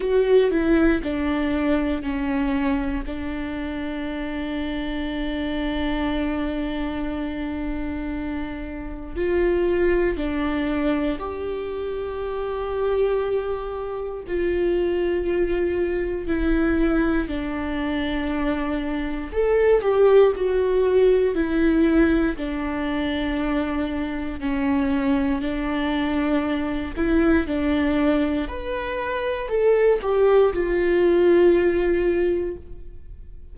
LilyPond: \new Staff \with { instrumentName = "viola" } { \time 4/4 \tempo 4 = 59 fis'8 e'8 d'4 cis'4 d'4~ | d'1~ | d'4 f'4 d'4 g'4~ | g'2 f'2 |
e'4 d'2 a'8 g'8 | fis'4 e'4 d'2 | cis'4 d'4. e'8 d'4 | b'4 a'8 g'8 f'2 | }